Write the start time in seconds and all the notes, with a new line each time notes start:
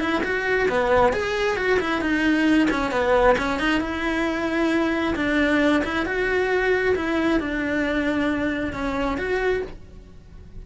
0.00 E4
0.24 F#4
0.69 B3
1.13 G#4
1.57 F#4
1.80 E4
2.01 D#4
2.70 C#4
2.91 B3
3.38 C#4
3.59 D#4
3.81 E4
5.16 D4
5.84 E4
6.06 F#4
6.95 E4
7.40 D4
8.73 C#4
9.18 F#4